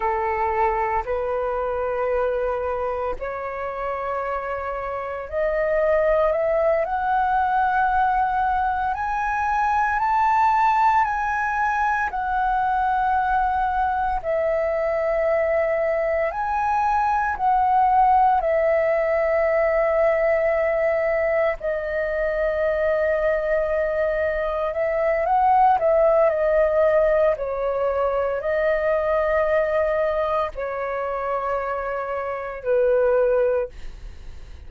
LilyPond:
\new Staff \with { instrumentName = "flute" } { \time 4/4 \tempo 4 = 57 a'4 b'2 cis''4~ | cis''4 dis''4 e''8 fis''4.~ | fis''8 gis''4 a''4 gis''4 fis''8~ | fis''4. e''2 gis''8~ |
gis''8 fis''4 e''2~ e''8~ | e''8 dis''2. e''8 | fis''8 e''8 dis''4 cis''4 dis''4~ | dis''4 cis''2 b'4 | }